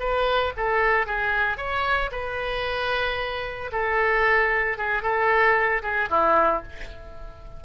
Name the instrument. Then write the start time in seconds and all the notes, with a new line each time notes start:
oboe
0.00 B4
0.57 A4
1.07 G#4
1.58 C#5
2.12 B4
3.72 A4
4.78 G#4
5.03 A4
5.83 G#4
6.10 E4